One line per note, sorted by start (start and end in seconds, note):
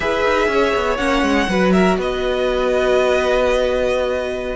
0.00 0.23 E4
0.00 0.98 G#4
0.00 0.48 B4
0.00 0.96 E5
0.24 0.47 D#4
0.47 0.72 C#4
0.47 1.50 C#5
0.75 0.98 B3
0.96 1.22 A#3
0.96 1.48 C#4
0.96 1.71 F#5
1.22 1.46 G#3
1.48 1.96 F#3
1.48 4.56 F#4
1.48 1.73 B4
1.72 1.98 A#4
1.72 1.97 E5
1.96 4.56 B3
1.96 4.56 B4
1.96 4.56 D#5